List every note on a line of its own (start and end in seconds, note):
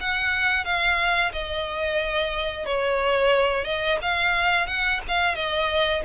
0.00 0.64 F#5
0.64 1.32 F5
1.32 2.66 D#5
2.66 3.64 C#5
3.64 3.98 D#5
4.01 4.67 F5
4.67 5.00 F#5
5.08 5.35 F5
5.35 6.02 D#5